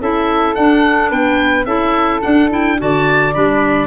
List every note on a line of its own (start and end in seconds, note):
0.00 0.56 C#4
0.00 0.56 E4
0.00 1.10 A4
0.00 0.55 E5
0.55 1.11 D4
0.55 1.66 D4
0.55 1.10 F#5
1.10 1.65 B3
1.10 1.65 B4
1.10 1.65 G5
1.65 2.21 C#4
1.65 2.21 E4
1.65 2.77 A4
1.65 2.21 E5
2.21 2.49 D4
2.21 2.81 D4
2.21 2.49 F#5
2.50 2.77 E4
2.50 2.80 G5
2.78 3.36 D3
2.78 3.33 F#4
2.78 3.87 D5
2.78 3.34 A5
3.33 3.87 G3
3.33 3.87 D4
3.33 3.87 B5